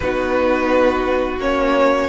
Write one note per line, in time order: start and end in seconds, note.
0.00 1.38 B3
0.00 1.39 D#4
0.00 2.09 F#4
0.00 1.39 B4
1.38 2.08 A#3
1.38 2.09 C#4
1.38 2.09 C#5